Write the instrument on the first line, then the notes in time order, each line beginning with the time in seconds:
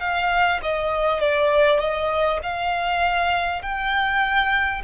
violin
0.00 F5
0.62 D#5
1.19 D5
1.79 D#5
2.42 F5
3.62 G5